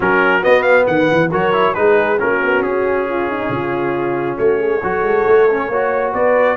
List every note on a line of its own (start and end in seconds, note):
0.00 0.44 F#3
0.00 0.41 C#4
0.00 0.85 F#4
0.00 0.44 A#4
0.41 1.29 B3
0.41 0.87 B3
0.41 0.62 D#5
0.62 0.84 F5
0.85 1.09 D#3
0.85 1.28 B4
0.85 1.30 F#5
1.11 1.32 E3
1.31 1.75 F#3
1.31 1.52 F#4
1.31 1.75 A#4
1.31 1.74 C#5
1.52 1.74 E4
1.74 2.20 G#3
1.74 2.18 D#4
1.74 2.21 G#4
1.74 2.18 B4
2.18 2.42 A#3
2.18 4.80 C#4
2.18 3.09 F#4
2.18 2.62 A#4
2.42 2.60 B3
2.60 3.48 C#4
2.60 4.37 G#4
3.09 3.29 F4
3.29 3.51 D#4
3.49 4.36 C#3
3.49 4.38 F4
4.37 4.81 A3
4.37 4.59 F#4
4.37 6.13 C#5
4.59 4.81 G#4
4.82 5.01 F#3
4.82 5.49 F#4
4.82 5.69 A4
5.01 5.23 G#3
5.27 5.68 A3
5.49 5.71 C#4
5.68 6.12 A#3
5.68 6.56 F#4
5.68 6.12 C#5
6.12 6.56 B3
6.12 6.56 B4
6.12 6.56 D5